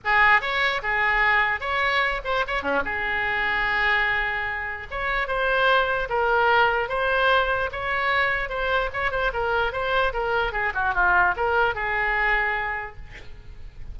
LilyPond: \new Staff \with { instrumentName = "oboe" } { \time 4/4 \tempo 4 = 148 gis'4 cis''4 gis'2 | cis''4. c''8 cis''8 cis'8 gis'4~ | gis'1 | cis''4 c''2 ais'4~ |
ais'4 c''2 cis''4~ | cis''4 c''4 cis''8 c''8 ais'4 | c''4 ais'4 gis'8 fis'8 f'4 | ais'4 gis'2. | }